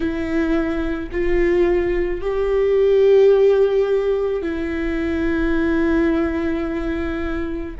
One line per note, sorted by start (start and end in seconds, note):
0.00 1.09 E4
1.11 2.21 F4
2.21 4.41 G4
4.41 7.75 E4